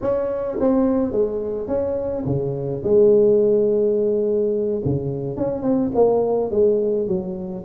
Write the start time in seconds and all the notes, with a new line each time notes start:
0.01 C#4
0.59 C4
1.11 G#3
1.67 C#4
2.25 C#3
2.83 G#3
4.84 C#3
5.36 C#4
5.62 C4
5.95 A#3
6.50 G#3
7.07 F#3